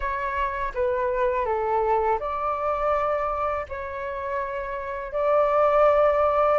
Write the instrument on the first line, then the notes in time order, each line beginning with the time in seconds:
flute
0.00 C#5
0.74 B4
1.45 A4
2.20 D5
3.69 C#5
5.12 D5